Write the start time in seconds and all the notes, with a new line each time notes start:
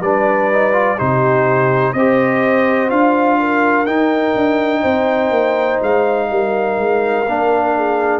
0.00 G3 D4 B4 D5
0.52 D#4
0.72 F4
0.98 C3 D#4 G4 C5
1.93 C4 G4 C5 D#5
2.89 D4 F4 F5
3.39 A#4
3.86 D#4 G5
4.35 D4
4.81 C4 C5
5.30 A#3
5.82 G#3 F5
6.30 G3 A#4
6.78 G#3
7.27 A#3 D4
7.76 G#4